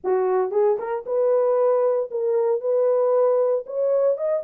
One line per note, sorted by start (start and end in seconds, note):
0.04 0.51 F#4
0.51 0.77 G#4
0.78 1.05 A#4
1.06 2.10 B4
2.10 2.60 A#4
2.60 3.65 B4
3.66 4.17 C#5
4.17 4.43 D#5